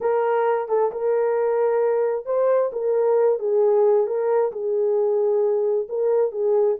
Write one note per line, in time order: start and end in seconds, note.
0.01 0.68 A#4
0.68 0.91 A4
0.91 2.25 A#4
2.25 2.70 C5
2.72 3.39 A#4
3.39 4.06 G#4
4.06 4.51 A#4
4.52 5.87 G#4
5.88 6.31 A#4
6.31 6.76 G#4